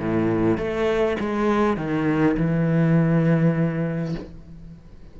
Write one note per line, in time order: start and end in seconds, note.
0.00 0.57 A2
0.57 1.17 A3
1.20 1.77 G#3
1.77 2.36 D#3
2.37 4.15 E3